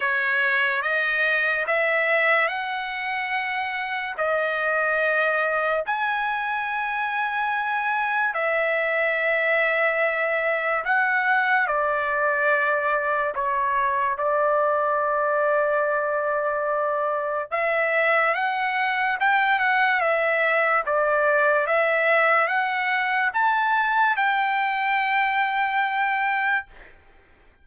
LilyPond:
\new Staff \with { instrumentName = "trumpet" } { \time 4/4 \tempo 4 = 72 cis''4 dis''4 e''4 fis''4~ | fis''4 dis''2 gis''4~ | gis''2 e''2~ | e''4 fis''4 d''2 |
cis''4 d''2.~ | d''4 e''4 fis''4 g''8 fis''8 | e''4 d''4 e''4 fis''4 | a''4 g''2. | }